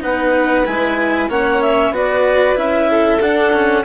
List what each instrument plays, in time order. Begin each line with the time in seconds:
0.00 bassoon B3, cello D#4, violin B4, clarinet F#5
0.66 bassoon G#3, cello E4, clarinet G#5
1.29 bassoon A#3, cello C#4, violin C#5, clarinet F#5
1.61 clarinet E5
1.90 bassoon B3, cello F#4, violin B4, clarinet D5
2.55 bassoon C#4, cello E4, clarinet E5
2.90 violin A4
3.20 bassoon D4, cello D4, clarinet F#5
3.53 cello C#4